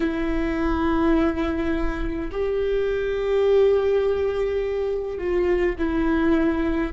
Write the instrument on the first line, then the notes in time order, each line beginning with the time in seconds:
viola
0.00 E4
2.31 G4
5.18 F4
5.78 E4